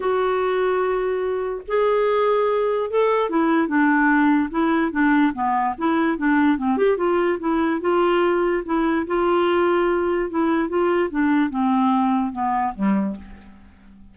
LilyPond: \new Staff \with { instrumentName = "clarinet" } { \time 4/4 \tempo 4 = 146 fis'1 | gis'2. a'4 | e'4 d'2 e'4 | d'4 b4 e'4 d'4 |
c'8 g'8 f'4 e'4 f'4~ | f'4 e'4 f'2~ | f'4 e'4 f'4 d'4 | c'2 b4 g4 | }